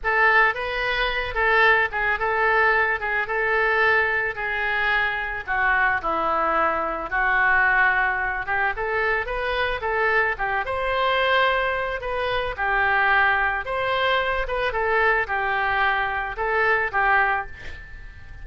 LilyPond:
\new Staff \with { instrumentName = "oboe" } { \time 4/4 \tempo 4 = 110 a'4 b'4. a'4 gis'8 | a'4. gis'8 a'2 | gis'2 fis'4 e'4~ | e'4 fis'2~ fis'8 g'8 |
a'4 b'4 a'4 g'8 c''8~ | c''2 b'4 g'4~ | g'4 c''4. b'8 a'4 | g'2 a'4 g'4 | }